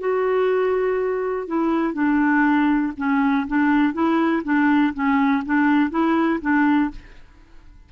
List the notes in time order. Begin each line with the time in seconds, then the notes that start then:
0.00 F#4
1.48 E4
1.94 D4
2.98 C#4
3.48 D4
3.94 E4
4.44 D4
4.94 C#4
5.46 D4
5.91 E4
6.41 D4